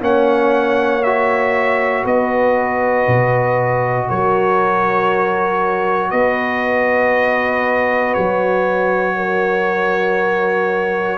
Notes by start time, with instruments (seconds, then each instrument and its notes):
0.00 tuba A#3, trombone C#4, horn C#5, trumpet F#5
1.03 trombone F#4, trumpet E5
2.04 tuba B3, horn B4, trumpet D#5
3.07 tuba B2
4.08 tuba F#3, horn A#4, trumpet C#5
6.11 tuba B3, horn B4, trumpet D#5
8.14 tuba F#3, trumpet C#5
9.16 horn A#4